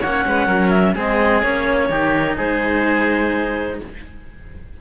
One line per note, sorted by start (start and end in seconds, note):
0.00 0.24 A#3
0.00 0.96 C#4
0.00 0.24 C#5
0.00 0.69 F#5
0.26 0.47 G#3
0.26 0.46 B4
0.46 0.94 F#3
0.46 0.93 A#4
0.69 0.93 E5
0.94 1.42 G#3
0.94 1.43 C4
0.94 1.88 G#4
0.94 1.42 D#5
1.42 1.89 A#3
1.42 1.90 C#4
1.42 2.36 C#5
1.89 2.37 D#3
1.89 3.79 D#4
1.89 2.36 G4
2.36 3.80 G#3
2.36 3.78 G#4
2.36 3.79 C5